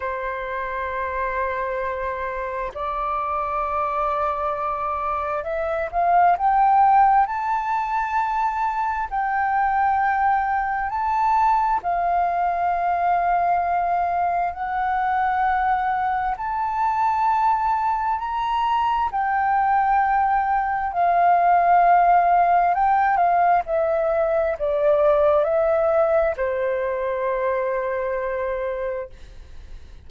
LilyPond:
\new Staff \with { instrumentName = "flute" } { \time 4/4 \tempo 4 = 66 c''2. d''4~ | d''2 e''8 f''8 g''4 | a''2 g''2 | a''4 f''2. |
fis''2 a''2 | ais''4 g''2 f''4~ | f''4 g''8 f''8 e''4 d''4 | e''4 c''2. | }